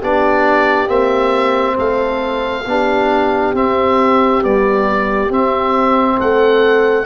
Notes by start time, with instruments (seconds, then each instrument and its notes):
0.00 tuba B3, trombone D4, horn G4, oboe D5
0.88 tuba A#3, trombone C4, oboe E5
1.77 tuba A3, horn A4, oboe F5
2.66 tuba B3, trombone D4, horn G4
3.54 tuba C4, trombone C4, oboe E5
4.43 trombone G3, tuba B3, oboe D5
5.30 trombone C4, tuba C4, oboe E5
6.17 tuba A3, horn A4, oboe F#5